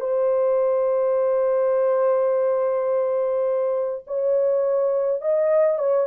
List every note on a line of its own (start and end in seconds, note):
0.00 4.04 C5
4.07 5.21 C#5
5.21 5.78 D#5
5.78 6.07 C#5